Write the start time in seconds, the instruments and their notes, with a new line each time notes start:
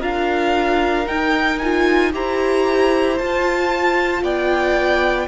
0.00 cello D4, viola F4, violin A#4 F5
1.06 viola D#4, cello D#4, violin G5
1.58 viola F4, violin G#5
2.12 cello E4, viola G4, violin C5 A#5
3.18 cello F4, viola F4, violin A5
4.22 cello B3, violin D5 G5